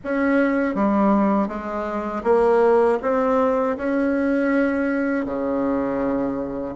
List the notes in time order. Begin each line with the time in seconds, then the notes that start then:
0.04 C#4
0.74 G3
1.48 G#3
2.23 A#3
3.01 C4
3.77 C#4
5.25 C#3